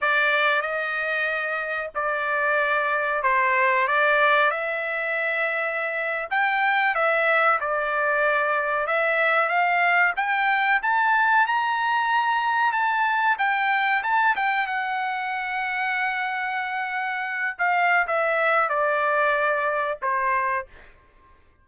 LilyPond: \new Staff \with { instrumentName = "trumpet" } { \time 4/4 \tempo 4 = 93 d''4 dis''2 d''4~ | d''4 c''4 d''4 e''4~ | e''4.~ e''16 g''4 e''4 d''16~ | d''4.~ d''16 e''4 f''4 g''16~ |
g''8. a''4 ais''2 a''16~ | a''8. g''4 a''8 g''8 fis''4~ fis''16~ | fis''2.~ fis''16 f''8. | e''4 d''2 c''4 | }